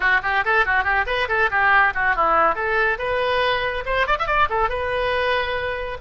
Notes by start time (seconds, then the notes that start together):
0.00 F#4
0.22 G4
0.45 A4
0.65 F#4
0.84 G4
1.06 B4
1.28 A4
1.50 G4
1.94 F#4
2.15 E4
2.55 A4
2.98 B4
3.85 C5
4.07 D5
4.18 E5
4.26 D5
4.49 A4
4.69 B4